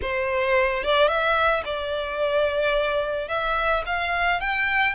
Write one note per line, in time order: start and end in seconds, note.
0.01 0.83 C5
0.83 1.08 D5
1.08 1.63 E5
1.64 3.28 D5
3.28 3.83 E5
3.86 4.40 F5
4.40 4.94 G5